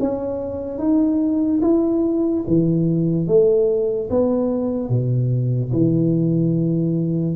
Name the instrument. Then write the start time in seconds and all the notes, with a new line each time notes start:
tuba
0.00 C#4
0.79 D#4
1.62 E4
2.47 E3
3.27 A3
4.10 B3
4.89 B2
5.73 E3